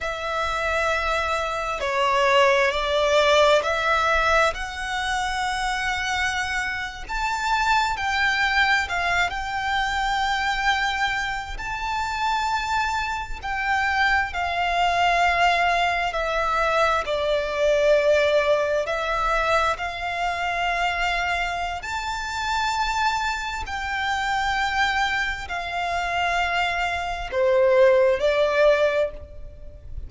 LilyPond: \new Staff \with { instrumentName = "violin" } { \time 4/4 \tempo 4 = 66 e''2 cis''4 d''4 | e''4 fis''2~ fis''8. a''16~ | a''8. g''4 f''8 g''4.~ g''16~ | g''8. a''2 g''4 f''16~ |
f''4.~ f''16 e''4 d''4~ d''16~ | d''8. e''4 f''2~ f''16 | a''2 g''2 | f''2 c''4 d''4 | }